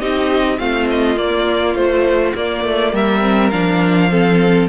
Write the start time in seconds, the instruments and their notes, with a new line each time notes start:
0.00 cello C4, viola D#4, violin G4 D#5
0.58 cello A3, viola C4, violin F4 F5
0.90 violin D#5
1.17 cello A#3, viola A#3, violin D5
1.75 viola F3, cello A3, violin C5
2.35 cello A#3, viola A#3, violin D5
2.64 cello A3
2.93 cello G3, violin A#4 E5
3.22 viola C4
3.50 cello F3, viola D4, violin F5
4.11 viola C4, violin A4